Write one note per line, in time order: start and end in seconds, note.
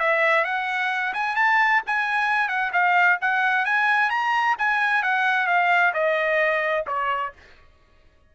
0.00 0.45 E5
0.45 1.14 F#5
1.14 1.36 G#5
1.36 1.82 A5
1.87 2.49 G#5
2.49 2.72 F#5
2.73 3.19 F5
3.22 3.66 F#5
3.66 4.11 G#5
4.11 4.56 A#5
4.59 5.03 G#5
5.03 5.47 F#5
5.47 5.93 F5
5.94 6.86 D#5
6.87 7.33 C#5